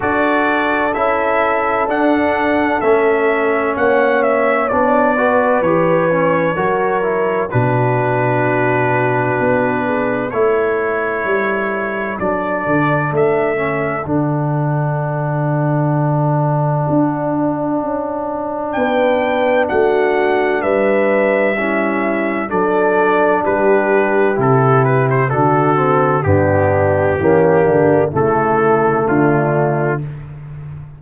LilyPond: <<
  \new Staff \with { instrumentName = "trumpet" } { \time 4/4 \tempo 4 = 64 d''4 e''4 fis''4 e''4 | fis''8 e''8 d''4 cis''2 | b'2. cis''4~ | cis''4 d''4 e''4 fis''4~ |
fis''1 | g''4 fis''4 e''2 | d''4 b'4 a'8 b'16 c''16 a'4 | g'2 a'4 f'4 | }
  \new Staff \with { instrumentName = "horn" } { \time 4/4 a'1 | cis''4. b'4. ais'4 | fis'2~ fis'8 gis'8 a'4~ | a'1~ |
a'1 | b'4 fis'4 b'4 e'4 | a'4 g'2 fis'4 | d'4 cis'8 d'8 e'4 d'4 | }
  \new Staff \with { instrumentName = "trombone" } { \time 4/4 fis'4 e'4 d'4 cis'4~ | cis'4 d'8 fis'8 g'8 cis'8 fis'8 e'8 | d'2. e'4~ | e'4 d'4. cis'8 d'4~ |
d'1~ | d'2. cis'4 | d'2 e'4 d'8 c'8 | b4 ais4 a2 | }
  \new Staff \with { instrumentName = "tuba" } { \time 4/4 d'4 cis'4 d'4 a4 | ais4 b4 e4 fis4 | b,2 b4 a4 | g4 fis8 d8 a4 d4~ |
d2 d'4 cis'4 | b4 a4 g2 | fis4 g4 c4 d4 | g,4 e8 d8 cis4 d4 | }
>>